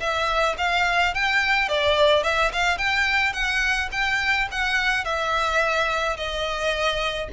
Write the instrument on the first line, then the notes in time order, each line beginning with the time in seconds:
violin
0.00 E5
0.58 F5
1.14 G5
1.69 D5
2.24 E5
2.53 F5
2.78 G5
3.33 F#5
3.92 G5
4.52 F#5
5.05 E5
6.17 D#5